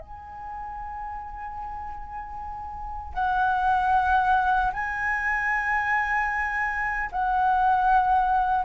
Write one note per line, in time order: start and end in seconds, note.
0.00 3.14 G#5
3.14 4.72 F#5
4.73 7.10 G#5
7.12 8.64 F#5